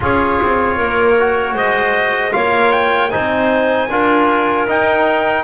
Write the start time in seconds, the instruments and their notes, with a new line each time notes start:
0.00 double bass C#4, trombone F4, clarinet G#4, trumpet C#5
0.41 double bass C4
0.76 double bass A#3, clarinet A#4
1.19 trombone F#4
1.54 double bass G#3, clarinet C5, trumpet D#5
2.31 double bass A#3, trombone F4, clarinet C#5, trumpet F5
2.71 trumpet G5
3.10 double bass C4, trombone D#4, clarinet C5, trumpet G#5
3.89 double bass D4, trombone F4, clarinet A#4
4.67 trombone D#4, double bass D#4, trumpet G5